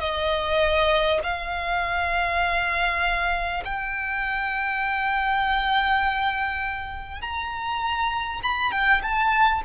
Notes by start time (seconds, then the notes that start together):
0.00 D#5
1.23 F5
3.65 G5
7.22 A#5
8.43 B5
8.72 G5
9.03 A5